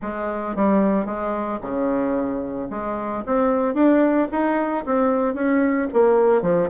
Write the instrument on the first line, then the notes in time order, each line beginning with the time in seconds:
bassoon
0.02 G#3
0.55 G3
1.05 G#3
1.61 C#3
2.70 G#3
3.26 C4
3.74 D4
4.31 D#4
4.85 C4
5.34 C#4
5.93 A#3
6.42 F3